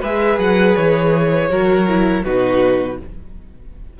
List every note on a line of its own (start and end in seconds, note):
0.00 0.38 G#3
0.00 1.49 G#4
0.00 1.48 B4
0.00 0.39 E5
0.38 0.75 F#3
0.38 0.76 F#5
0.76 1.50 E3
0.76 2.24 C#5
1.49 2.24 F#3
1.49 1.86 F#4
1.49 2.24 A#4
1.87 2.25 E4
2.24 2.99 B2
2.24 3.00 D#4
2.24 2.98 F#4
2.24 2.98 B4